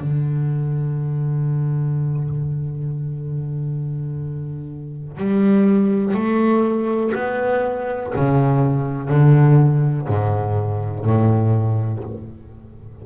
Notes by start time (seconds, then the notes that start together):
0.00 D3
5.17 G3
6.14 A3
7.14 B3
8.15 C#3
9.09 D3
10.07 G#2
11.05 A2